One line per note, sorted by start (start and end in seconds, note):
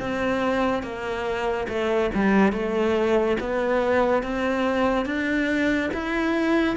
0.00 0.83 C4
0.83 1.67 A#3
1.68 2.10 A3
2.15 2.53 G3
2.53 3.37 A3
3.40 4.23 B3
4.23 5.06 C4
5.06 5.90 D4
5.94 6.76 E4